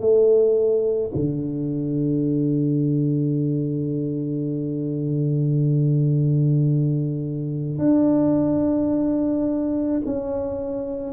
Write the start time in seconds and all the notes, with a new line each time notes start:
0.00 A3
1.15 D3
7.78 D4
10.06 C#4